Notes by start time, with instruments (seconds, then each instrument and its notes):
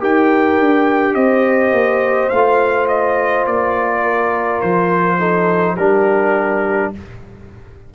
0.00 tuba D#4, trombone G4, horn A#4, trumpet G5
0.59 tuba D4
1.14 tuba C4, horn C5, trumpet D#5
1.72 tuba A#3
2.29 tuba A3, trombone F4, trumpet F5
2.88 trumpet D#5
3.45 tuba A#3, trumpet D5
4.02 horn A#4
4.61 tuba F3, trumpet C5
5.19 trombone D#4, horn A4
5.75 tuba G3, trombone D4, horn G4, trumpet A#4